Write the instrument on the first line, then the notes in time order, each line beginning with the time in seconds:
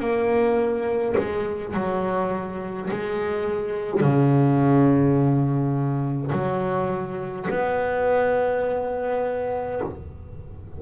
double bass
0.00 A#3
1.17 G#3
1.74 F#3
2.91 G#3
4.01 C#3
6.32 F#3
7.50 B3